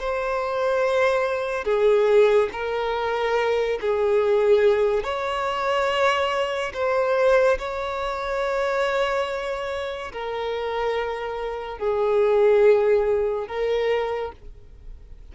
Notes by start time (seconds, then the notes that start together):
0.00 C5
1.65 G#4
2.53 A#4
3.81 G#4
5.04 C#5
6.74 C5
7.59 C#5
10.13 A#4
11.78 G#4
13.48 A#4